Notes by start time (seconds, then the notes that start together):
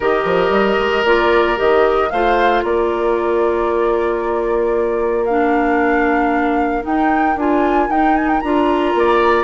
0.00 D#3 G4 A#4 D#5
0.24 F3
0.49 G3
0.79 G#3
1.04 A#3 F4 D5
1.56 D#3 G4 D#5
2.10 A3 F4 C5 F5
2.63 A#3 A#4 D5
5.25 D4 F5
6.82 D#4 G5
7.36 D4 F4 G#5
7.89 D#4 G5
8.16 G#5
8.28 G5
8.40 D4 F4 A#5
8.94 A#3 D5